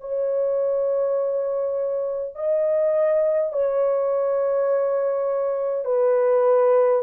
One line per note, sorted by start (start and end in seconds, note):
0.00 2.35 C#5
2.35 3.52 D#5
3.52 5.84 C#5
5.84 7.02 B4